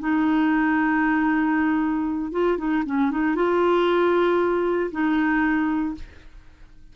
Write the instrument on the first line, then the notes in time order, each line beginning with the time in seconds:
clarinet
0.00 D#4
2.32 F4
2.58 D#4
2.86 C#4
3.12 D#4
3.36 F4
4.92 D#4